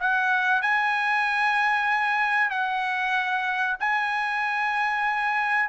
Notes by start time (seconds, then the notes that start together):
0.00 F#5
0.62 G#5
2.50 F#5
3.80 G#5